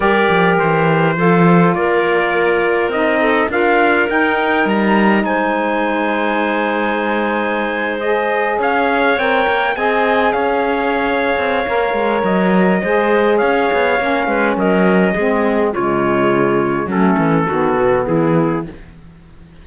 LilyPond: <<
  \new Staff \with { instrumentName = "trumpet" } { \time 4/4 \tempo 4 = 103 d''4 c''2 d''4~ | d''4 dis''4 f''4 g''4 | ais''4 gis''2.~ | gis''4.~ gis''16 dis''4 f''4 g''16~ |
g''8. gis''4 f''2~ f''16~ | f''4 dis''2 f''4~ | f''4 dis''2 cis''4~ | cis''4 a'2 gis'4 | }
  \new Staff \with { instrumentName = "clarinet" } { \time 4/4 ais'2 a'4 ais'4~ | ais'4. a'8 ais'2~ | ais'4 c''2.~ | c''2~ c''8. cis''4~ cis''16~ |
cis''8. dis''4 cis''2~ cis''16~ | cis''2 c''4 cis''4~ | cis''8 b'8 ais'4 gis'4 f'4~ | f'4 cis'4 fis'4 e'4 | }
  \new Staff \with { instrumentName = "saxophone" } { \time 4/4 g'2 f'2~ | f'4 dis'4 f'4 dis'4~ | dis'1~ | dis'4.~ dis'16 gis'2 ais'16~ |
ais'8. gis'2.~ gis'16 | ais'2 gis'2 | cis'2 c'4 gis4~ | gis4 a4 b2 | }
  \new Staff \with { instrumentName = "cello" } { \time 4/4 g8 f8 e4 f4 ais4~ | ais4 c'4 d'4 dis'4 | g4 gis2.~ | gis2~ gis8. cis'4 c'16~ |
c'16 ais8 c'4 cis'4.~ cis'16 c'8 | ais8 gis8 fis4 gis4 cis'8 b8 | ais8 gis8 fis4 gis4 cis4~ | cis4 fis8 e8 dis8 b,8 e4 | }
>>